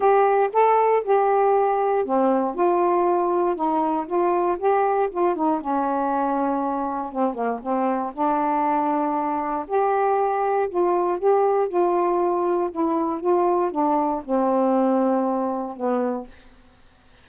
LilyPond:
\new Staff \with { instrumentName = "saxophone" } { \time 4/4 \tempo 4 = 118 g'4 a'4 g'2 | c'4 f'2 dis'4 | f'4 g'4 f'8 dis'8 cis'4~ | cis'2 c'8 ais8 c'4 |
d'2. g'4~ | g'4 f'4 g'4 f'4~ | f'4 e'4 f'4 d'4 | c'2. b4 | }